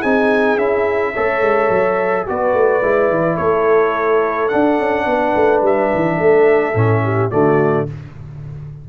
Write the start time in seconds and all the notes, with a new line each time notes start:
0.00 C4 D#4 G#4 G#5
0.57 C#4 E4 E5
1.13 A3 A4 C#5
1.41 G#3
1.69 F#3
2.26 B3 F#4 B4 D5
2.53 A3
2.82 G#3 E4
3.09 E3
3.36 A3 A4 C#5
4.48 D4 F#5
4.79 C#4
5.06 B3 B4
5.35 A3
5.61 G3 E5
5.94 E3
6.17 A3 A4
6.74 A2 C#4
7.03 G4
7.30 D3 A3 F#4 D5